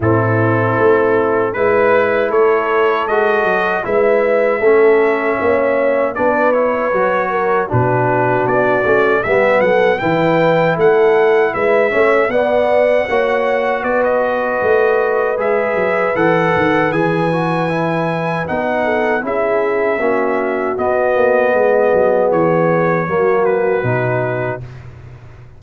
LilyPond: <<
  \new Staff \with { instrumentName = "trumpet" } { \time 4/4 \tempo 4 = 78 a'2 b'4 cis''4 | dis''4 e''2. | d''8 cis''4. b'4 d''4 | e''8 fis''8 g''4 fis''4 e''4 |
fis''2 d''16 dis''4.~ dis''16 | e''4 fis''4 gis''2 | fis''4 e''2 dis''4~ | dis''4 cis''4. b'4. | }
  \new Staff \with { instrumentName = "horn" } { \time 4/4 e'2 b'4 a'4~ | a'4 b'4 a'4 cis''4 | b'4. ais'8 fis'2 | g'8 a'8 b'4 a'4 b'8 cis''8 |
d''4 cis''4 b'2~ | b'1~ | b'8 a'8 gis'4 fis'2 | gis'2 fis'2 | }
  \new Staff \with { instrumentName = "trombone" } { \time 4/4 c'2 e'2 | fis'4 e'4 cis'2 | d'8 e'8 fis'4 d'4. cis'8 | b4 e'2~ e'8 cis'8 |
b4 fis'2. | gis'4 a'4 gis'8 fis'8 e'4 | dis'4 e'4 cis'4 b4~ | b2 ais4 dis'4 | }
  \new Staff \with { instrumentName = "tuba" } { \time 4/4 a,4 a4 gis4 a4 | gis8 fis8 gis4 a4 ais4 | b4 fis4 b,4 b8 a8 | g8 fis8 e4 a4 gis8 a8 |
b4 ais4 b4 a4 | gis8 fis8 e8 dis8 e2 | b4 cis'4 ais4 b8 ais8 | gis8 fis8 e4 fis4 b,4 | }
>>